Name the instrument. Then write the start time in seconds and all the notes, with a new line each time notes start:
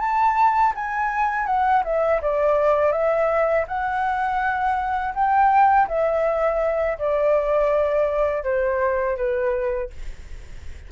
flute
0.00 A5
0.75 G#5
1.46 F#5
1.84 E5
2.22 D5
2.92 E5
3.68 F#5
5.14 G5
5.88 E5
6.98 D5
8.43 C5
9.17 B4